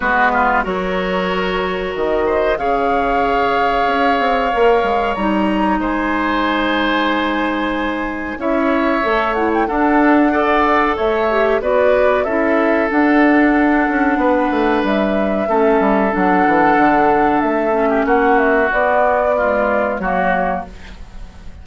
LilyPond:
<<
  \new Staff \with { instrumentName = "flute" } { \time 4/4 \tempo 4 = 93 b'4 cis''2 dis''4 | f''1 | ais''4 gis''2.~ | gis''4 e''4. fis''16 g''16 fis''4~ |
fis''4 e''4 d''4 e''4 | fis''2. e''4~ | e''4 fis''2 e''4 | fis''8 e''8 d''2 cis''4 | }
  \new Staff \with { instrumentName = "oboe" } { \time 4/4 fis'8 f'8 ais'2~ ais'8 c''8 | cis''1~ | cis''4 c''2.~ | c''4 cis''2 a'4 |
d''4 cis''4 b'4 a'4~ | a'2 b'2 | a'2.~ a'8. g'16 | fis'2 f'4 fis'4 | }
  \new Staff \with { instrumentName = "clarinet" } { \time 4/4 b4 fis'2. | gis'2. ais'4 | dis'1~ | dis'4 e'4 a'8 e'8 d'4 |
a'4. g'8 fis'4 e'4 | d'1 | cis'4 d'2~ d'8 cis'8~ | cis'4 b4 gis4 ais4 | }
  \new Staff \with { instrumentName = "bassoon" } { \time 4/4 gis4 fis2 dis4 | cis2 cis'8 c'8 ais8 gis8 | g4 gis2.~ | gis4 cis'4 a4 d'4~ |
d'4 a4 b4 cis'4 | d'4. cis'8 b8 a8 g4 | a8 g8 fis8 e8 d4 a4 | ais4 b2 fis4 | }
>>